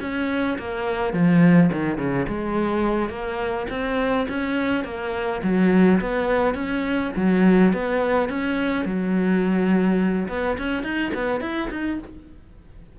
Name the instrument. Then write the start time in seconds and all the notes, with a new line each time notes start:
cello
0.00 C#4
0.58 A#3
1.13 F3
1.72 D#3
1.97 C#3
2.28 G#3
3.09 A#3
3.70 C4
4.29 C#4
4.84 A#3
5.43 F#3
6.01 B3
6.54 C#4
7.16 F#3
7.73 B3
8.29 C#4
8.85 F#3
10.28 B3
10.58 C#4
10.83 D#4
11.14 B3
11.41 E4
11.70 D#4